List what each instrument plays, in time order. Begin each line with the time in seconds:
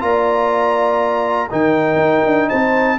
0.00 tuba A#3, trombone F4, horn D5, trumpet A#5
1.50 tuba D#3, trombone D#4, horn A#4, trumpet G5
1.96 tuba D#4
2.26 tuba D4
2.49 tuba C4, horn C5, trumpet A5